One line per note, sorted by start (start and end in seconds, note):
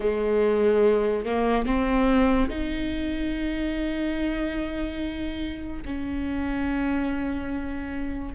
0.00 1.25 G#3
1.25 1.65 A#3
1.65 2.48 C4
2.48 5.82 D#4
5.85 8.34 C#4